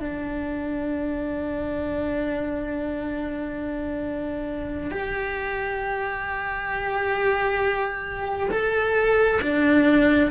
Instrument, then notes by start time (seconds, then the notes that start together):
cello
0.00 D4
4.91 G4
8.51 A4
9.42 D4